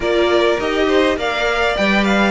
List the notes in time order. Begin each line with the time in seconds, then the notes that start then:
0.00 A#3 F4 A#4 D5
0.59 D#4 G4 D#5
0.87 C5
1.16 A#3 A#4 D5 F5
1.76 G3 B4 G5
2.04 F5